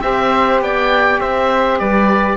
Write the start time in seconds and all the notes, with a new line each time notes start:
0.00 C4 G4 C5 E5
0.60 B3 D5 G5
1.20 C4 C5 E5
1.78 G3 B4 D5